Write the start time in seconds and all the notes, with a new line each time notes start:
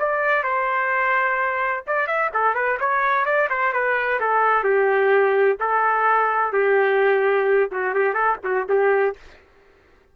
0.00 D5
0.44 C5
1.88 D5
2.08 E5
2.34 A4
2.55 B4
2.80 C#5
3.26 D5
3.50 C5
3.74 B4
4.21 A4
4.64 G4
5.60 A4
6.53 G4
7.72 F#4
7.95 G4
8.14 A4
8.44 F#4
8.70 G4